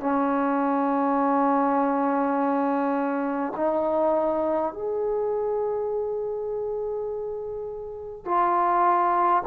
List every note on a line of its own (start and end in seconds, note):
0.00 3.53 C#4
3.56 4.73 D#4
4.73 8.25 G#4
8.25 9.42 F4